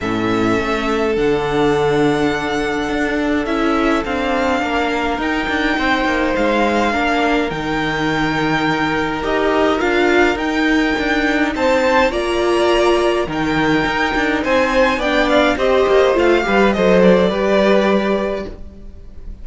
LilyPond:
<<
  \new Staff \with { instrumentName = "violin" } { \time 4/4 \tempo 4 = 104 e''2 fis''2~ | fis''2 e''4 f''4~ | f''4 g''2 f''4~ | f''4 g''2. |
dis''4 f''4 g''2 | a''4 ais''2 g''4~ | g''4 gis''4 g''8 f''8 dis''4 | f''4 dis''8 d''2~ d''8 | }
  \new Staff \with { instrumentName = "violin" } { \time 4/4 a'1~ | a'1 | ais'2 c''2 | ais'1~ |
ais'1 | c''4 d''2 ais'4~ | ais'4 c''4 d''4 c''4~ | c''8 b'8 c''4 b'2 | }
  \new Staff \with { instrumentName = "viola" } { \time 4/4 cis'2 d'2~ | d'2 e'4 d'4~ | d'4 dis'2. | d'4 dis'2. |
g'4 f'4 dis'2~ | dis'4 f'2 dis'4~ | dis'2 d'4 g'4 | f'8 g'8 a'4 g'2 | }
  \new Staff \with { instrumentName = "cello" } { \time 4/4 a,4 a4 d2~ | d4 d'4 cis'4 c'4 | ais4 dis'8 d'8 c'8 ais8 gis4 | ais4 dis2. |
dis'4 d'4 dis'4 d'4 | c'4 ais2 dis4 | dis'8 d'8 c'4 b4 c'8 ais8 | a8 g8 fis4 g2 | }
>>